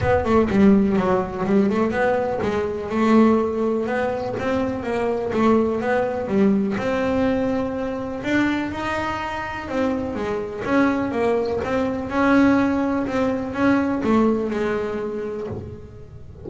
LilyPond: \new Staff \with { instrumentName = "double bass" } { \time 4/4 \tempo 4 = 124 b8 a8 g4 fis4 g8 a8 | b4 gis4 a2 | b4 c'4 ais4 a4 | b4 g4 c'2~ |
c'4 d'4 dis'2 | c'4 gis4 cis'4 ais4 | c'4 cis'2 c'4 | cis'4 a4 gis2 | }